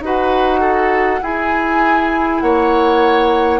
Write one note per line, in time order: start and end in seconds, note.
0.00 1.20 D#4
0.00 1.21 F#4
0.00 0.59 B4
0.00 1.23 F#5
0.59 1.20 A4
1.21 3.60 E4
1.21 2.42 E4
1.21 2.43 G#4
1.21 2.40 G#5
2.40 3.60 A#3
2.40 3.60 C#5
2.40 3.60 F#5